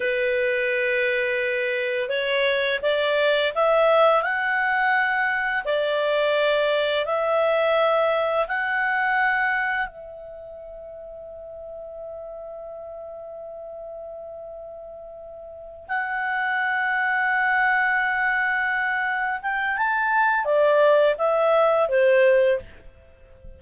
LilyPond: \new Staff \with { instrumentName = "clarinet" } { \time 4/4 \tempo 4 = 85 b'2. cis''4 | d''4 e''4 fis''2 | d''2 e''2 | fis''2 e''2~ |
e''1~ | e''2~ e''8 fis''4.~ | fis''2.~ fis''8 g''8 | a''4 d''4 e''4 c''4 | }